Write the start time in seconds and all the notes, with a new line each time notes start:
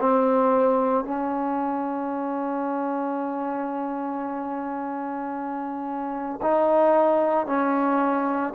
0.00 C4
1.05 C#4
6.42 D#4
7.46 C#4